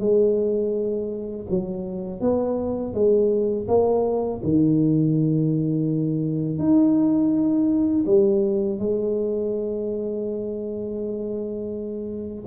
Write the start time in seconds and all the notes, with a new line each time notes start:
0.00 G#3
1.50 F#3
2.21 B3
2.94 G#3
3.68 A#3
4.43 D#3
6.59 D#4
8.06 G3
8.79 G#3